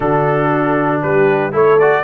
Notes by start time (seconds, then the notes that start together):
0.00 D3 D4 F#4 A4
1.02 G3 G4 B4
1.52 A3 E4 A4 C#5
1.79 F#4 D5